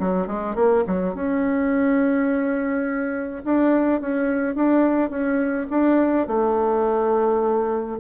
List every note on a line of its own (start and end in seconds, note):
0.00 0.28 F#3
0.28 0.56 G#3
0.56 0.84 A#3
0.87 1.15 F#3
1.15 3.44 C#4
3.45 4.01 D4
4.01 4.56 C#4
4.56 5.10 D4
5.10 5.68 C#4
5.70 6.28 D4
6.28 7.99 A3